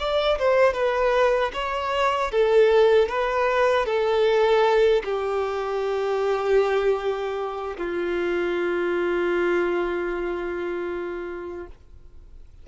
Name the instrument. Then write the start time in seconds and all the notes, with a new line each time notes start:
violin
0.00 D5
0.39 C5
0.74 B4
1.54 C#5
2.32 A4
3.09 B4
3.86 A4
5.05 G4
7.78 F4